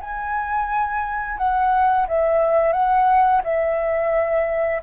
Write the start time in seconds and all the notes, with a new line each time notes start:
0.00 G#5
1.37 F#5
2.07 E5
2.72 F#5
3.43 E5